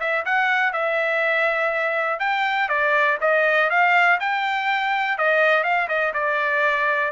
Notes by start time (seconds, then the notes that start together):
0.00 E5
0.25 F#5
0.73 E5
2.20 G5
2.68 D5
3.21 D#5
3.70 F5
4.20 G5
5.18 D#5
5.63 F5
5.88 D#5
6.13 D5